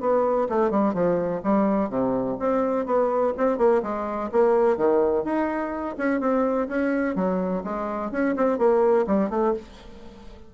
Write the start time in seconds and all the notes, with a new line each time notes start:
0.00 B3
0.49 A3
0.71 G3
0.94 F3
1.44 G3
1.89 C3
2.40 C4
2.86 B3
3.37 C4
3.58 A#3
3.83 G#3
4.32 A#3
4.77 D#3
5.24 D#4
5.98 C#4
6.20 C4
6.68 C#4
7.16 F#3
7.64 G#3
8.11 C#4
8.36 C4
8.58 A#3
9.07 G3
9.30 A3